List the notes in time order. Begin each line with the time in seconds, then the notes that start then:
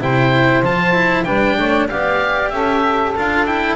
0.00 C3 E4 C5 G5
0.62 F3 F4 A5
0.94 E4
1.24 G3 D4 B4 G5
1.57 A3 C#5
1.88 B3 G4 D5 F5
2.49 C#4 A4 E5
3.15 D4 F4 F5
3.46 E4 G5